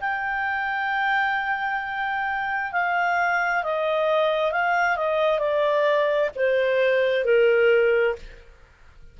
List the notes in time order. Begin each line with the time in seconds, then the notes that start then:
0.00 G5
2.72 F5
3.63 D#5
4.51 F5
4.96 D#5
5.39 D5
6.35 C5
7.24 A#4